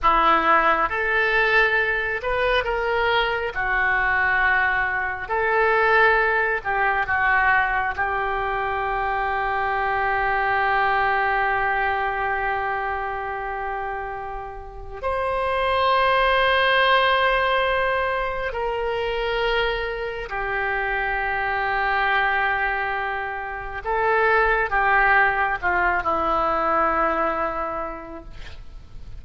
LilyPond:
\new Staff \with { instrumentName = "oboe" } { \time 4/4 \tempo 4 = 68 e'4 a'4. b'8 ais'4 | fis'2 a'4. g'8 | fis'4 g'2.~ | g'1~ |
g'4 c''2.~ | c''4 ais'2 g'4~ | g'2. a'4 | g'4 f'8 e'2~ e'8 | }